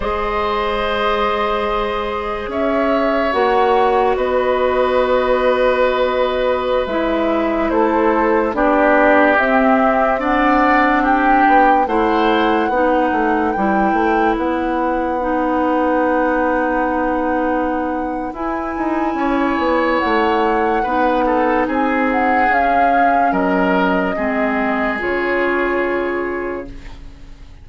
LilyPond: <<
  \new Staff \with { instrumentName = "flute" } { \time 4/4 \tempo 4 = 72 dis''2. e''4 | fis''4 dis''2.~ | dis''16 e''4 c''4 d''4 e''8.~ | e''16 fis''4 g''4 fis''4.~ fis''16~ |
fis''16 g''4 fis''2~ fis''8.~ | fis''2 gis''2 | fis''2 gis''8 fis''8 f''4 | dis''2 cis''2 | }
  \new Staff \with { instrumentName = "oboe" } { \time 4/4 c''2. cis''4~ | cis''4 b'2.~ | b'4~ b'16 a'4 g'4.~ g'16~ | g'16 d''4 g'4 c''4 b'8.~ |
b'1~ | b'2. cis''4~ | cis''4 b'8 a'8 gis'2 | ais'4 gis'2. | }
  \new Staff \with { instrumentName = "clarinet" } { \time 4/4 gis'1 | fis'1~ | fis'16 e'2 d'4 c'8.~ | c'16 d'2 e'4 dis'8.~ |
dis'16 e'2 dis'4.~ dis'16~ | dis'2 e'2~ | e'4 dis'2 cis'4~ | cis'4 c'4 f'2 | }
  \new Staff \with { instrumentName = "bassoon" } { \time 4/4 gis2. cis'4 | ais4 b2.~ | b16 gis4 a4 b4 c'8.~ | c'4.~ c'16 b8 a4 b8 a16~ |
a16 g8 a8 b2~ b8.~ | b2 e'8 dis'8 cis'8 b8 | a4 b4 c'4 cis'4 | fis4 gis4 cis2 | }
>>